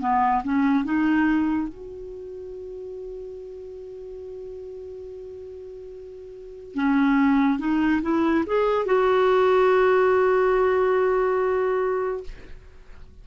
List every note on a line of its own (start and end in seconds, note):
0.00 0.42 B3
0.43 0.85 C#4
0.85 1.68 D#4
1.68 6.75 F#4
6.75 7.59 C#4
7.59 8.01 D#4
8.02 8.44 E4
8.46 8.85 G#4
8.85 12.23 F#4